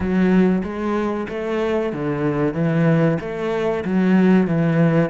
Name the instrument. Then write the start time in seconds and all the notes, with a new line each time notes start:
cello
0.00 F#3
0.63 G#3
1.29 A3
1.92 D3
2.54 E3
3.20 A3
3.84 F#3
4.47 E3